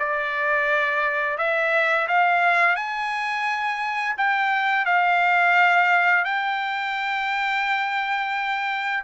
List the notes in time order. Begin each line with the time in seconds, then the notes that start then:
0.00 D5
1.38 E5
2.08 F5
2.76 G#5
4.18 G5
4.86 F5
6.25 G5